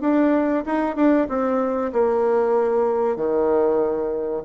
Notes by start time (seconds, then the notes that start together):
0.00 D4
0.65 D#4
0.95 D4
1.28 C4
1.92 A#3
3.16 D#3